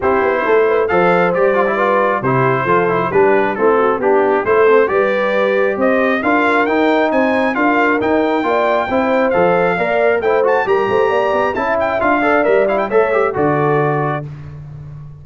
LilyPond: <<
  \new Staff \with { instrumentName = "trumpet" } { \time 4/4 \tempo 4 = 135 c''2 f''4 d''4~ | d''4 c''2 b'4 | a'4 g'4 c''4 d''4~ | d''4 dis''4 f''4 g''4 |
gis''4 f''4 g''2~ | g''4 f''2 g''8 a''8 | ais''2 a''8 g''8 f''4 | e''8 f''16 g''16 e''4 d''2 | }
  \new Staff \with { instrumentName = "horn" } { \time 4/4 g'4 a'8 b'8 c''2 | b'4 g'4 a'4 g'4 | e'8 fis'8 g'4 a'4 b'4~ | b'4 c''4 ais'2 |
c''4 ais'2 d''4 | c''2 d''4 c''4 | ais'8 c''8 d''4 e''4. d''8~ | d''4 cis''4 a'2 | }
  \new Staff \with { instrumentName = "trombone" } { \time 4/4 e'2 a'4 g'8 f'16 e'16 | f'4 e'4 f'8 e'8 d'4 | c'4 d'4 e'8 c'8 g'4~ | g'2 f'4 dis'4~ |
dis'4 f'4 dis'4 f'4 | e'4 a'4 ais'4 e'8 fis'8 | g'2 e'4 f'8 a'8 | ais'8 e'8 a'8 g'8 fis'2 | }
  \new Staff \with { instrumentName = "tuba" } { \time 4/4 c'8 b8 a4 f4 g4~ | g4 c4 f4 g4 | a4 b4 a4 g4~ | g4 c'4 d'4 dis'4 |
c'4 d'4 dis'4 ais4 | c'4 f4 ais4 a4 | g8 a8 ais8 b8 cis'4 d'4 | g4 a4 d2 | }
>>